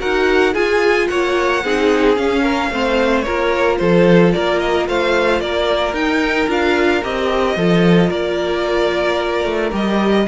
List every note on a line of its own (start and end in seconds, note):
0.00 0.54 D#4
0.00 0.54 F#4
0.00 0.54 A#4
0.00 0.55 F#5
0.54 1.62 F4
0.54 1.08 F4
0.54 1.08 G#4
0.54 1.08 G#5
1.08 1.64 A#3
1.08 1.64 C#5
1.08 2.16 F#5
1.64 2.18 C4
1.64 2.16 D#4
1.64 2.43 G#4
2.16 2.70 C#4
2.16 2.71 C#4
2.16 3.22 F5
2.43 2.70 A#4
2.71 3.25 A3
2.71 3.26 C4
2.71 3.25 C5
3.22 5.94 F4
3.22 3.79 A#4
3.22 3.76 C#5
3.29 3.81 A#3
3.78 4.35 F3
3.78 4.35 A4
3.78 4.32 C5
4.33 4.89 A#3
4.33 4.89 A#4
4.33 4.60 D5
4.60 4.87 D#5
4.89 5.41 A3
4.89 5.42 C5
4.89 5.41 F5
5.41 5.93 A#3
5.41 7.56 A#4
5.41 5.95 D5
5.93 6.48 D#4
5.93 6.49 G5
6.48 7.02 D4
6.48 7.02 F4
6.48 7.04 F5
7.04 7.57 C4
7.04 7.58 G4
7.04 8.11 D#5
7.56 8.11 F3
7.56 9.71 F4
7.56 8.10 A4
8.10 9.45 A#3
8.10 10.26 A#4
8.10 9.73 D5
9.45 9.72 A3
9.71 10.27 G3
9.71 10.25 G4
9.71 10.28 D#5